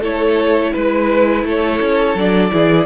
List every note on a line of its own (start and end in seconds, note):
0.00 0.72 A3
0.00 2.17 E4
0.00 0.71 A4
0.00 0.73 C#5
0.72 1.44 G#3
0.72 1.44 B4
0.72 1.45 B4
1.44 1.79 A3
1.44 2.52 A4
1.44 2.18 C#5
1.81 2.15 C#4
2.15 2.50 F#3
2.15 2.50 D4
2.15 2.86 D5
2.50 2.86 E3
2.50 2.86 E4
2.50 2.86 G#4